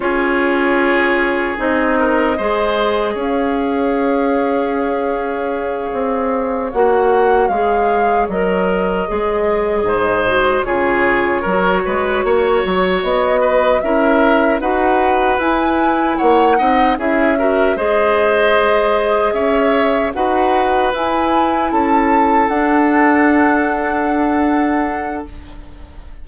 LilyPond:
<<
  \new Staff \with { instrumentName = "flute" } { \time 4/4 \tempo 4 = 76 cis''2 dis''2 | f''1~ | f''8 fis''4 f''4 dis''4.~ | dis''4. cis''2~ cis''8~ |
cis''8 dis''4 e''4 fis''4 gis''8~ | gis''8 fis''4 e''4 dis''4.~ | dis''8 e''4 fis''4 gis''4 a''8~ | a''8 fis''2.~ fis''8 | }
  \new Staff \with { instrumentName = "oboe" } { \time 4/4 gis'2~ gis'8 ais'8 c''4 | cis''1~ | cis''1~ | cis''8 c''4 gis'4 ais'8 b'8 cis''8~ |
cis''4 b'8 ais'4 b'4.~ | b'8 cis''8 dis''8 gis'8 ais'8 c''4.~ | c''8 cis''4 b'2 a'8~ | a'1 | }
  \new Staff \with { instrumentName = "clarinet" } { \time 4/4 f'2 dis'4 gis'4~ | gis'1~ | gis'8 fis'4 gis'4 ais'4 gis'8~ | gis'4 fis'8 f'4 fis'4.~ |
fis'4. e'4 fis'4 e'8~ | e'4 dis'8 e'8 fis'8 gis'4.~ | gis'4. fis'4 e'4.~ | e'8 d'2.~ d'8 | }
  \new Staff \with { instrumentName = "bassoon" } { \time 4/4 cis'2 c'4 gis4 | cis'2.~ cis'8 c'8~ | c'8 ais4 gis4 fis4 gis8~ | gis8 gis,4 cis4 fis8 gis8 ais8 |
fis8 b4 cis'4 dis'4 e'8~ | e'8 ais8 c'8 cis'4 gis4.~ | gis8 cis'4 dis'4 e'4 cis'8~ | cis'8 d'2.~ d'8 | }
>>